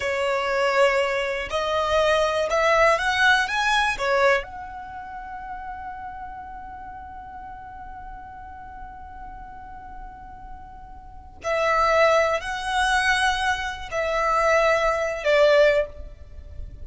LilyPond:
\new Staff \with { instrumentName = "violin" } { \time 4/4 \tempo 4 = 121 cis''2. dis''4~ | dis''4 e''4 fis''4 gis''4 | cis''4 fis''2.~ | fis''1~ |
fis''1~ | fis''2. e''4~ | e''4 fis''2. | e''2~ e''8. d''4~ d''16 | }